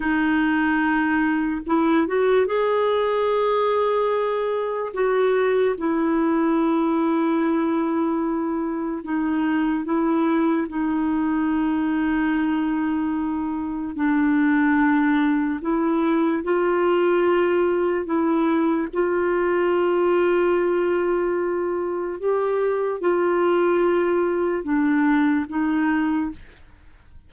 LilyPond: \new Staff \with { instrumentName = "clarinet" } { \time 4/4 \tempo 4 = 73 dis'2 e'8 fis'8 gis'4~ | gis'2 fis'4 e'4~ | e'2. dis'4 | e'4 dis'2.~ |
dis'4 d'2 e'4 | f'2 e'4 f'4~ | f'2. g'4 | f'2 d'4 dis'4 | }